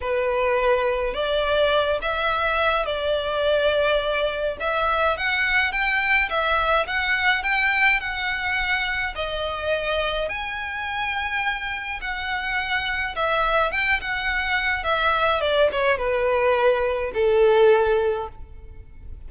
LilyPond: \new Staff \with { instrumentName = "violin" } { \time 4/4 \tempo 4 = 105 b'2 d''4. e''8~ | e''4 d''2. | e''4 fis''4 g''4 e''4 | fis''4 g''4 fis''2 |
dis''2 gis''2~ | gis''4 fis''2 e''4 | g''8 fis''4. e''4 d''8 cis''8 | b'2 a'2 | }